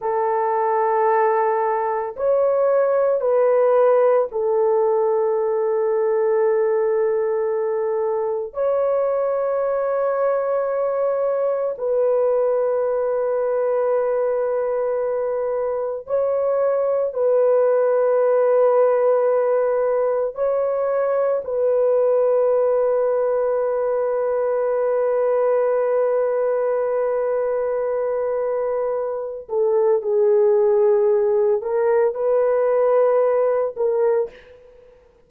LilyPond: \new Staff \with { instrumentName = "horn" } { \time 4/4 \tempo 4 = 56 a'2 cis''4 b'4 | a'1 | cis''2. b'4~ | b'2. cis''4 |
b'2. cis''4 | b'1~ | b'2.~ b'8 a'8 | gis'4. ais'8 b'4. ais'8 | }